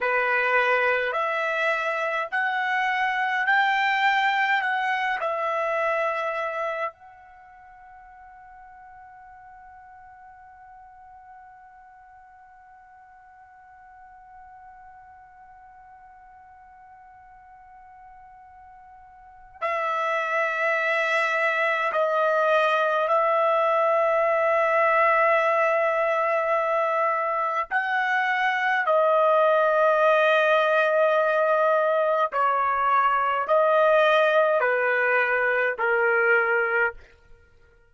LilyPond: \new Staff \with { instrumentName = "trumpet" } { \time 4/4 \tempo 4 = 52 b'4 e''4 fis''4 g''4 | fis''8 e''4. fis''2~ | fis''1~ | fis''1~ |
fis''4 e''2 dis''4 | e''1 | fis''4 dis''2. | cis''4 dis''4 b'4 ais'4 | }